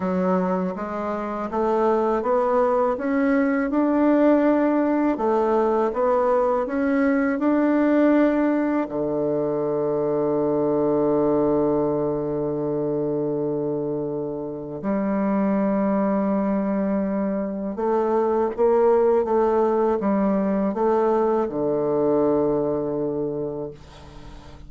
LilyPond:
\new Staff \with { instrumentName = "bassoon" } { \time 4/4 \tempo 4 = 81 fis4 gis4 a4 b4 | cis'4 d'2 a4 | b4 cis'4 d'2 | d1~ |
d1 | g1 | a4 ais4 a4 g4 | a4 d2. | }